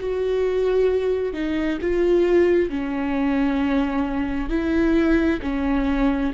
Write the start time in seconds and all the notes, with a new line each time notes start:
0.00 F#4
1.33 D#4
1.81 F4
2.70 C#4
4.50 E4
5.43 C#4